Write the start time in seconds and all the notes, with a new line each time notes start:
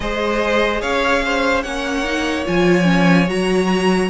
0.00 G#3 G#4 C5 D#5
0.81 C#4 C#5 F5
1.25 C5
1.62 A#3 C#4 C#5 F#5
2.03 D#4
2.45 F3 F4 G#5
2.83 C#4
3.27 F#3 F#4 A#5